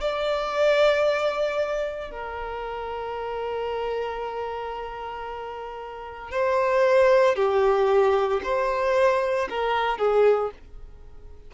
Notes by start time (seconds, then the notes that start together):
0.00 D5
2.11 A#4
6.31 C5
7.35 G4
8.43 C5
9.50 A#4
9.98 G#4